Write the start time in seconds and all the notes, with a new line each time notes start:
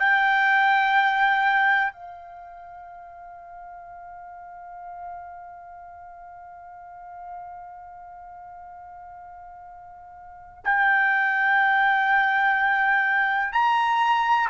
0.00 G5
1.93 F5
10.65 G5
13.53 A#5